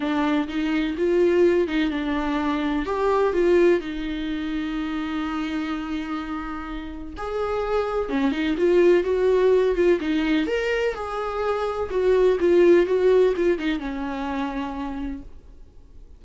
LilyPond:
\new Staff \with { instrumentName = "viola" } { \time 4/4 \tempo 4 = 126 d'4 dis'4 f'4. dis'8 | d'2 g'4 f'4 | dis'1~ | dis'2. gis'4~ |
gis'4 cis'8 dis'8 f'4 fis'4~ | fis'8 f'8 dis'4 ais'4 gis'4~ | gis'4 fis'4 f'4 fis'4 | f'8 dis'8 cis'2. | }